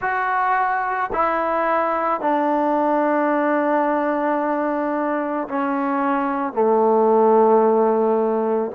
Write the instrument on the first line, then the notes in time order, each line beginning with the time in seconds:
trombone
0.01 F#4
1.12 E4
2.21 D4
5.48 C#4
6.53 A3